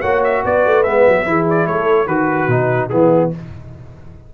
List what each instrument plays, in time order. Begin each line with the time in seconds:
0.00 tuba A#3, trombone F#4, horn C#5, trumpet F#5
0.23 trumpet E5
0.44 tuba B3, horn B4, trumpet D5
0.65 tuba A3
0.83 tuba G#3, trombone B3, trumpet E5
1.07 tuba F#3
1.25 tuba E3, trombone E4, horn G#4
1.49 trumpet D5
1.66 tuba A3, horn A4, trumpet C#5
2.06 tuba D#3, horn F#4, trombone F#4, trumpet B4
2.47 tuba B2, trombone D#4
2.89 tuba E3, trombone B3, horn E4, trumpet G#4